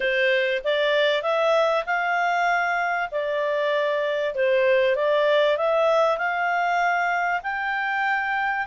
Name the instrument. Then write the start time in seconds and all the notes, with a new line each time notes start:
clarinet
0.00 C5
0.64 D5
1.22 E5
1.86 F5
3.11 D5
4.34 C5
4.95 D5
5.57 E5
6.17 F5
7.43 G5